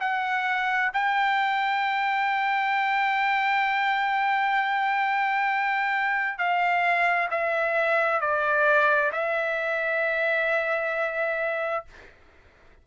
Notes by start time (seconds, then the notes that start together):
0.00 F#5
0.93 G5
6.38 F5
7.30 E5
8.21 D5
9.12 E5